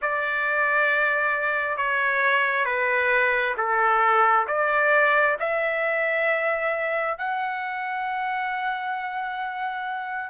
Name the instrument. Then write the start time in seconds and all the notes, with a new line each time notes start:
trumpet
0.01 D5
1.77 C#5
2.65 B4
3.57 A4
4.47 D5
5.39 E5
7.18 F#5